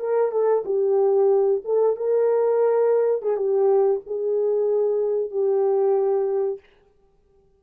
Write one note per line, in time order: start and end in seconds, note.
0.00 0.32 A#4
0.32 0.64 A4
0.65 1.62 G4
1.65 1.97 A4
1.97 3.22 A#4
3.22 3.37 G#4
3.37 4.01 G4
4.07 5.31 G#4
5.31 6.60 G4